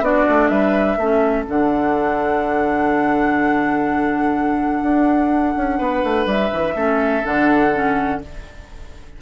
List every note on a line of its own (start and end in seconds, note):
0.00 0.24 B3
0.00 0.98 D4
0.00 0.50 F#4
0.00 0.48 D5
0.29 0.49 A3
0.48 0.97 G3
0.48 0.97 B4
0.48 1.44 E5
0.97 1.45 A3
0.97 1.46 C#4
0.97 5.78 A4
1.46 4.82 D3
1.46 6.74 D4
1.46 6.29 F#5
4.82 5.54 D4
5.56 5.79 C#4
5.78 6.03 B3
5.78 6.74 B4
6.03 6.26 A3
6.26 6.50 G3
6.26 7.25 E5
6.53 6.74 E3
6.74 7.22 A3
6.74 7.23 C#4
6.74 8.20 A4
7.23 8.21 D3
7.23 7.71 D4
7.23 8.21 F#5
7.73 8.21 C#4